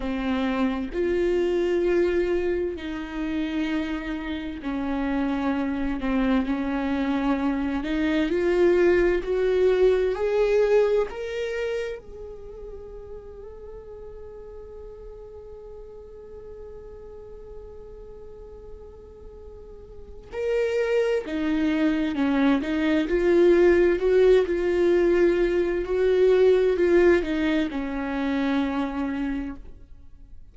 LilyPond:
\new Staff \with { instrumentName = "viola" } { \time 4/4 \tempo 4 = 65 c'4 f'2 dis'4~ | dis'4 cis'4. c'8 cis'4~ | cis'8 dis'8 f'4 fis'4 gis'4 | ais'4 gis'2.~ |
gis'1~ | gis'2 ais'4 dis'4 | cis'8 dis'8 f'4 fis'8 f'4. | fis'4 f'8 dis'8 cis'2 | }